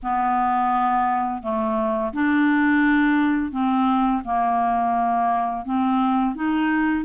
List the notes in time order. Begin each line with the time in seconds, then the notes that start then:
0.02 B3
1.42 A3
2.13 D4
3.51 C4
4.24 A#3
5.65 C4
6.35 D#4